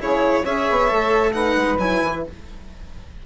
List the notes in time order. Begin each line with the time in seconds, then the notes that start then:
0.00 C#3 E4 G#4 C#5
0.42 C#4 G#4 C#5 E5
0.70 B3
0.88 A3 A4
1.33 D#4 B4 F#5
1.56 G#3
1.78 F#3 E4 G#5
2.04 E3